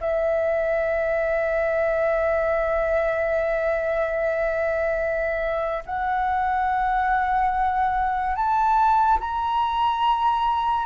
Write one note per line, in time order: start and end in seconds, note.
0.00 5.83 E5
5.85 8.35 F#5
8.35 9.19 A5
9.20 10.86 A#5